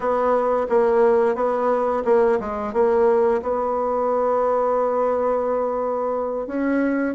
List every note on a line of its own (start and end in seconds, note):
0.00 0.66 B3
0.69 1.35 A#3
1.35 2.03 B3
2.04 2.38 A#3
2.40 2.73 G#3
2.73 3.41 A#3
3.42 6.46 B3
6.46 7.15 C#4